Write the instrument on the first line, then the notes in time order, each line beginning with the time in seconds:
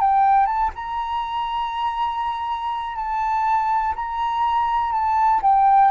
flute
0.00 G5
0.46 A5
0.75 A#5
2.96 A5
3.95 A#5
4.92 A5
5.42 G5